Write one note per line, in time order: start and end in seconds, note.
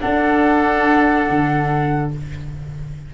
0.00 2.11 D4
0.00 1.30 D4
0.00 2.13 A4
0.00 2.12 F#5
1.30 2.14 D3